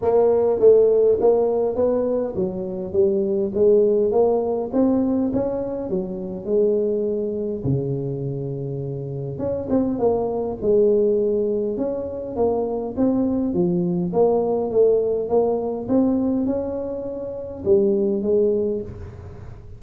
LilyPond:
\new Staff \with { instrumentName = "tuba" } { \time 4/4 \tempo 4 = 102 ais4 a4 ais4 b4 | fis4 g4 gis4 ais4 | c'4 cis'4 fis4 gis4~ | gis4 cis2. |
cis'8 c'8 ais4 gis2 | cis'4 ais4 c'4 f4 | ais4 a4 ais4 c'4 | cis'2 g4 gis4 | }